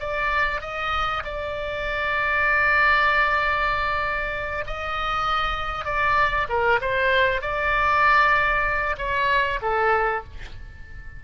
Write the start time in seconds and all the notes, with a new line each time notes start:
0.00 D5
0.62 D#5
1.25 D5
4.67 D#5
5.85 D5
6.49 A#4
6.82 C5
7.42 D5
8.98 C#5
9.62 A4